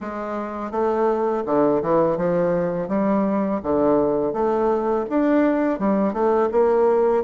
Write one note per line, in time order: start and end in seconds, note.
0.00 0.71 G#3
0.71 1.43 A3
1.46 1.82 D3
1.82 2.17 E3
2.17 2.88 F3
2.88 3.60 G3
3.62 4.33 D3
4.33 5.05 A3
5.09 5.79 D4
5.79 6.12 G3
6.12 6.49 A3
6.51 7.23 A#3